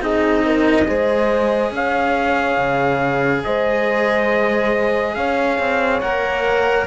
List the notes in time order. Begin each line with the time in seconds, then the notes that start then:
0.00 C4 D#4 G#4 D#5
0.45 A#4
0.87 G#3 G#4 C5
1.71 C#4 C#5 F5
2.57 C#3
3.43 G#3 C5 D#5
5.14 C#4 C#5 F5
5.58 C4
6.00 A#3 A#4 F#5